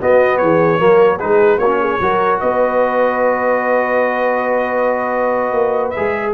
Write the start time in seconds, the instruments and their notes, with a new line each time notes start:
0.00 trombone B3, tuba B3, horn F#4, trumpet D#5
0.38 tuba E3, horn G#4, trumpet C#5
0.79 tuba F#3, trombone A#3, horn A#4
1.18 tuba G#3, trombone D#4, horn G#4, trumpet B4
1.58 tuba A#3, horn F#4, trumpet C#5
1.66 trombone C#4
1.81 horn G#4
2.01 tuba F#3, trombone F#4, horn A#4
2.41 tuba B3, horn B4, trumpet D#5
5.53 tuba A#3
5.91 trombone G#4, trumpet E5
5.98 tuba G#3